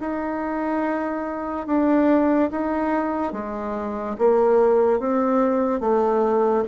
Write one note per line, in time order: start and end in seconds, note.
0.00 1.66 D#4
1.66 2.50 D4
2.50 3.33 D#4
3.33 4.16 G#3
4.18 4.99 A#3
4.99 5.80 C4
5.80 6.63 A3